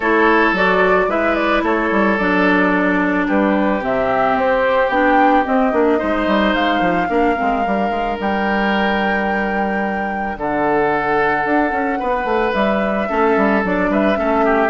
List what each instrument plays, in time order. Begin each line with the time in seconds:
0.00 bassoon A3, clarinet E4, oboe A4, flute C#5
0.52 bassoon F#3, clarinet F#4, flute D5
1.07 bassoon G#3, clarinet E4, oboe B4, flute E5
1.34 flute D5
1.62 bassoon A3, oboe A4, flute C#5
1.91 bassoon G3
2.17 bassoon F#3, clarinet D4, flute D5
3.27 bassoon G3, oboe G4, flute B4
3.81 bassoon C3, clarinet C4, flute E5
4.36 bassoon C4, flute C5
4.89 bassoon B3, clarinet D4, flute G5
5.44 clarinet C4, bassoon C4, flute D#5
5.72 bassoon A#3, clarinet D4
5.98 bassoon G#3, clarinet D#4, oboe C5
6.27 bassoon G3
6.54 bassoon G#3, flute F5
6.80 bassoon F3
7.08 bassoon A#3, clarinet D4, oboe A#4
7.36 bassoon G#3, clarinet C4
7.63 bassoon G3, clarinet D4
7.89 bassoon G#3
8.19 bassoon G3, flute G5
10.37 bassoon D3, oboe A4, flute F#5
11.44 bassoon D4
11.71 bassoon C#4
11.99 bassoon B3, oboe B4
12.24 bassoon A3
12.53 bassoon G3, flute E5
13.08 bassoon A3, clarinet C#4, oboe A4
13.36 bassoon G3
13.63 bassoon F#3, clarinet D4, flute D5
13.89 bassoon G3, oboe B4, flute E5
14.15 bassoon A3, clarinet C#4, oboe A4
14.44 oboe G4